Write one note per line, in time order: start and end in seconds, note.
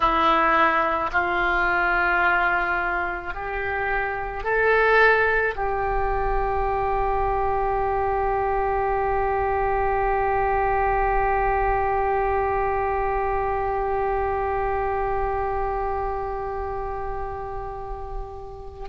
0.00 1.10 E4
1.12 3.33 F4
3.33 4.43 G4
4.43 5.55 A4
5.56 18.88 G4